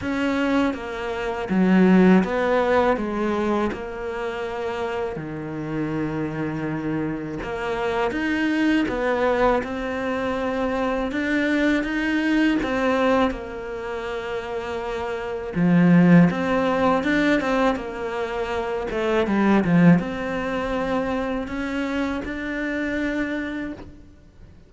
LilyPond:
\new Staff \with { instrumentName = "cello" } { \time 4/4 \tempo 4 = 81 cis'4 ais4 fis4 b4 | gis4 ais2 dis4~ | dis2 ais4 dis'4 | b4 c'2 d'4 |
dis'4 c'4 ais2~ | ais4 f4 c'4 d'8 c'8 | ais4. a8 g8 f8 c'4~ | c'4 cis'4 d'2 | }